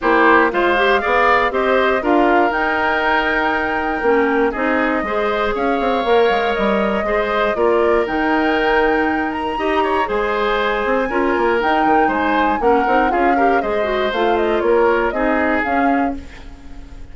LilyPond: <<
  \new Staff \with { instrumentName = "flute" } { \time 4/4 \tempo 4 = 119 c''4 f''2 dis''4 | f''4 g''2.~ | g''4 dis''2 f''4~ | f''4 dis''2 d''4 |
g''2~ g''8 ais''4. | gis''2. g''4 | gis''4 fis''4 f''4 dis''4 | f''8 dis''8 cis''4 dis''4 f''4 | }
  \new Staff \with { instrumentName = "oboe" } { \time 4/4 g'4 c''4 d''4 c''4 | ais'1~ | ais'4 gis'4 c''4 cis''4~ | cis''2 c''4 ais'4~ |
ais'2. dis''8 cis''8 | c''2 ais'2 | c''4 ais'4 gis'8 ais'8 c''4~ | c''4 ais'4 gis'2 | }
  \new Staff \with { instrumentName = "clarinet" } { \time 4/4 e'4 f'8 g'8 gis'4 g'4 | f'4 dis'2. | cis'4 dis'4 gis'2 | ais'2 gis'4 f'4 |
dis'2. g'4 | gis'2 f'4 dis'4~ | dis'4 cis'8 dis'8 f'8 g'8 gis'8 fis'8 | f'2 dis'4 cis'4 | }
  \new Staff \with { instrumentName = "bassoon" } { \time 4/4 ais4 gis4 b4 c'4 | d'4 dis'2. | ais4 c'4 gis4 cis'8 c'8 | ais8 gis8 g4 gis4 ais4 |
dis2. dis'4 | gis4. c'8 cis'8 ais8 dis'8 dis8 | gis4 ais8 c'8 cis'4 gis4 | a4 ais4 c'4 cis'4 | }
>>